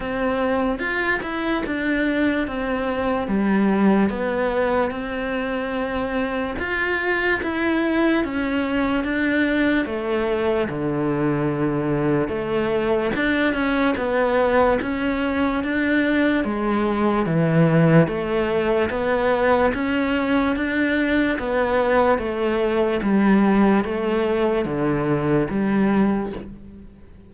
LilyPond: \new Staff \with { instrumentName = "cello" } { \time 4/4 \tempo 4 = 73 c'4 f'8 e'8 d'4 c'4 | g4 b4 c'2 | f'4 e'4 cis'4 d'4 | a4 d2 a4 |
d'8 cis'8 b4 cis'4 d'4 | gis4 e4 a4 b4 | cis'4 d'4 b4 a4 | g4 a4 d4 g4 | }